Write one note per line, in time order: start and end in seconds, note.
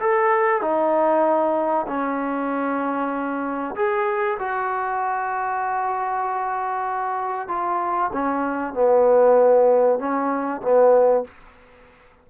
0.00 0.62 A4
0.62 1.87 D#4
1.88 3.76 C#4
3.76 4.38 G#4
4.39 7.49 F#4
7.49 8.11 F4
8.13 8.74 C#4
8.74 9.99 B3
9.99 10.62 C#4
10.62 11.25 B3